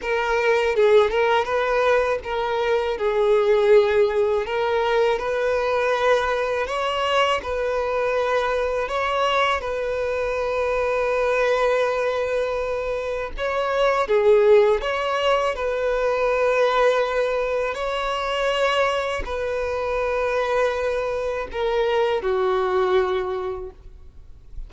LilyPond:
\new Staff \with { instrumentName = "violin" } { \time 4/4 \tempo 4 = 81 ais'4 gis'8 ais'8 b'4 ais'4 | gis'2 ais'4 b'4~ | b'4 cis''4 b'2 | cis''4 b'2.~ |
b'2 cis''4 gis'4 | cis''4 b'2. | cis''2 b'2~ | b'4 ais'4 fis'2 | }